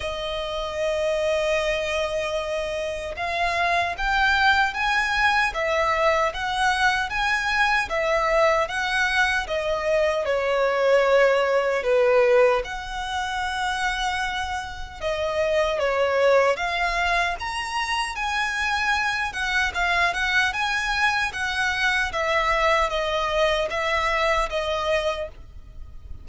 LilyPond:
\new Staff \with { instrumentName = "violin" } { \time 4/4 \tempo 4 = 76 dis''1 | f''4 g''4 gis''4 e''4 | fis''4 gis''4 e''4 fis''4 | dis''4 cis''2 b'4 |
fis''2. dis''4 | cis''4 f''4 ais''4 gis''4~ | gis''8 fis''8 f''8 fis''8 gis''4 fis''4 | e''4 dis''4 e''4 dis''4 | }